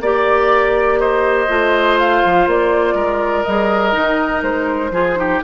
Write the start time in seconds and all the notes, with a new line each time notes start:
0.00 A#3 G4 D5
0.99 C5 D#5
1.48 A3 F4
1.99 F5
2.24 F3
2.46 A#3 D5
2.94 G#3 A#4
3.43 G3 G#4 D#5
3.92 D#3 D#4
4.42 G#3 C5
4.90 F3 F4 G#4
5.16 D#4 G4